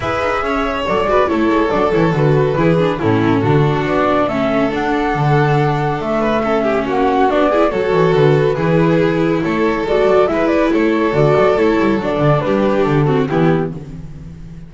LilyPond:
<<
  \new Staff \with { instrumentName = "flute" } { \time 4/4 \tempo 4 = 140 e''2 d''4 cis''4 | d''8 cis''8 b'2 a'4~ | a'4 d''4 e''4 fis''4~ | fis''2 e''2 |
fis''4 d''4 cis''4 b'4~ | b'2 cis''4 d''4 | e''8 d''8 cis''4 d''4 cis''4 | d''4 b'4 a'4 g'4 | }
  \new Staff \with { instrumentName = "violin" } { \time 4/4 b'4 cis''4. b'8 a'4~ | a'2 gis'4 e'4 | fis'2 a'2~ | a'2~ a'8 b'8 a'8 g'8 |
fis'4. gis'8 a'2 | gis'2 a'2 | b'4 a'2.~ | a'4 g'4. fis'8 e'4 | }
  \new Staff \with { instrumentName = "viola" } { \time 4/4 gis'2 a'8 fis'8 e'4 | d'8 e'8 fis'4 e'8 d'8 cis'4 | d'2 cis'4 d'4~ | d'2. cis'4~ |
cis'4 d'8 e'8 fis'2 | e'2. fis'4 | e'2 fis'4 e'4 | d'2~ d'8 c'8 b4 | }
  \new Staff \with { instrumentName = "double bass" } { \time 4/4 e'8 dis'8 cis'4 fis8 gis8 a8 gis8 | fis8 e8 d4 e4 a,4 | d4 b4 a4 d'4 | d2 a2 |
ais4 b4 fis8 e8 d4 | e2 a4 gis8 fis8 | gis4 a4 d8 fis8 a8 g8 | fis8 d8 g4 d4 e4 | }
>>